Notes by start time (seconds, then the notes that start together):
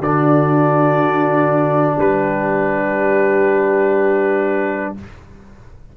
0.00 D3 D4 F#4 D5
1.99 G3 G4 B4